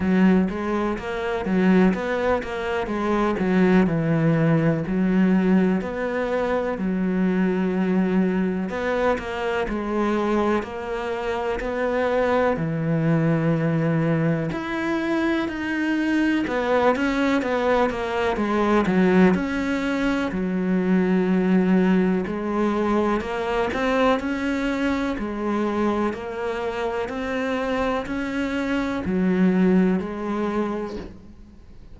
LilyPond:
\new Staff \with { instrumentName = "cello" } { \time 4/4 \tempo 4 = 62 fis8 gis8 ais8 fis8 b8 ais8 gis8 fis8 | e4 fis4 b4 fis4~ | fis4 b8 ais8 gis4 ais4 | b4 e2 e'4 |
dis'4 b8 cis'8 b8 ais8 gis8 fis8 | cis'4 fis2 gis4 | ais8 c'8 cis'4 gis4 ais4 | c'4 cis'4 fis4 gis4 | }